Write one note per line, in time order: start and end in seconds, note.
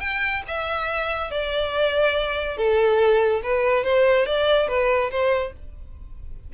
0.00 0.42 G5
0.48 1.31 E5
1.31 2.57 D5
2.57 3.41 A4
3.42 3.84 B4
3.84 4.26 C5
4.26 4.68 D5
4.68 5.10 B4
5.10 5.53 C5